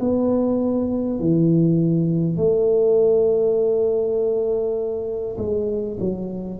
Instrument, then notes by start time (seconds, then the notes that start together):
tuba
0.00 B3
1.19 E3
2.37 A3
5.38 G#3
6.00 F#3